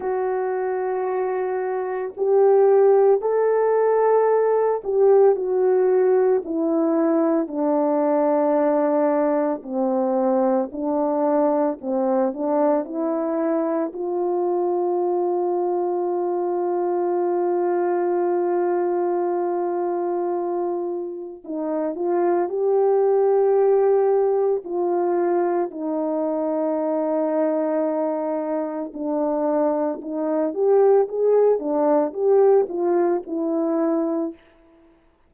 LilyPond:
\new Staff \with { instrumentName = "horn" } { \time 4/4 \tempo 4 = 56 fis'2 g'4 a'4~ | a'8 g'8 fis'4 e'4 d'4~ | d'4 c'4 d'4 c'8 d'8 | e'4 f'2.~ |
f'1 | dis'8 f'8 g'2 f'4 | dis'2. d'4 | dis'8 g'8 gis'8 d'8 g'8 f'8 e'4 | }